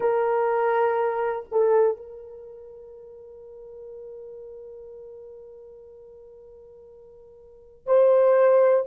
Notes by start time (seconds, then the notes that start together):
0.00 A#4
1.51 A4
1.97 A#4
7.86 C5